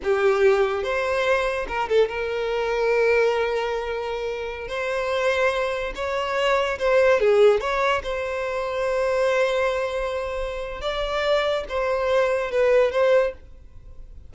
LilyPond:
\new Staff \with { instrumentName = "violin" } { \time 4/4 \tempo 4 = 144 g'2 c''2 | ais'8 a'8 ais'2.~ | ais'2.~ ais'16 c''8.~ | c''2~ c''16 cis''4.~ cis''16~ |
cis''16 c''4 gis'4 cis''4 c''8.~ | c''1~ | c''2 d''2 | c''2 b'4 c''4 | }